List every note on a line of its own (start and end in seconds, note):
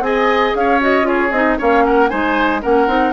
0.00 0.52 C4
0.00 0.80 G#4
0.00 0.57 D#5
0.00 0.55 G#5
0.54 1.30 C#4
0.54 1.07 C#5
0.54 0.81 F5
0.80 1.02 F#4
0.80 1.06 D#5
1.02 1.28 F4
1.02 1.58 G#4
1.02 1.31 C#5
1.30 1.56 C4
1.30 1.58 D#4
1.30 1.57 D#5
1.58 2.11 A#3
1.58 2.09 C#4
1.58 1.84 C#5
1.58 1.85 F5
1.85 2.09 A#4
1.85 2.08 F#5
2.08 2.63 G#3
2.08 2.61 D#4
2.08 2.61 C5
2.08 2.60 G#5
2.62 2.87 A#3
2.62 2.87 C#4
2.62 3.12 A#4
2.62 3.12 F#5
2.87 3.12 C4
2.87 3.12 D#4